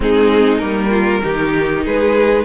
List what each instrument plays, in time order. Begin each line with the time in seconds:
0.00 cello G#3, viola C4, violin D#4 G#4
0.58 cello G3, viola A#3, violin A#4
0.89 violin F4
1.22 cello D#3, viola D#4, violin G4
1.85 cello G#3, violin G#4 B4